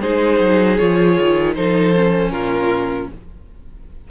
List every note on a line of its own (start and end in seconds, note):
0.00 0.39 G#3
0.00 0.78 D#4
0.00 1.54 G#4
0.00 0.77 C5
0.39 0.78 F#3
0.77 1.18 F3
0.77 1.55 F4
0.77 1.54 C#5
1.19 1.57 D#3
1.54 2.30 F3
1.54 1.94 D#4
1.54 2.32 A4
1.54 2.31 C5
1.95 3.10 C#4
2.30 3.07 A#2
2.30 3.08 F4
2.30 3.08 A#4